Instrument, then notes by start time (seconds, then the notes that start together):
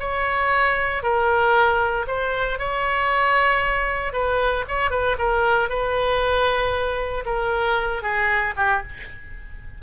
oboe
0.00 C#5
1.03 A#4
2.07 C5
2.59 C#5
4.13 B4
4.68 C#5
4.91 B4
5.19 A#4
5.69 B4
7.26 A#4
8.02 G#4
8.57 G4